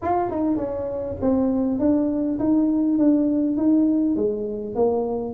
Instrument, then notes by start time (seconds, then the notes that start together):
tuba
0.02 F4
0.30 D#4
0.56 C#4
1.21 C4
1.79 D4
2.39 D#4
2.98 D4
3.56 D#4
4.16 G#3
4.75 A#3